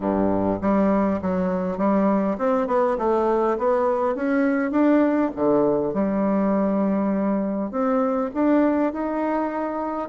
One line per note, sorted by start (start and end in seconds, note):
0.00 0.59 G2
0.61 1.20 G3
1.21 1.77 F#3
1.77 2.37 G3
2.38 2.67 C4
2.67 2.97 B3
2.98 3.57 A3
3.58 4.15 B3
4.15 4.71 C#4
4.71 5.30 D4
5.35 5.93 D3
5.93 7.71 G3
7.71 8.30 C4
8.34 8.92 D4
8.92 10.09 D#4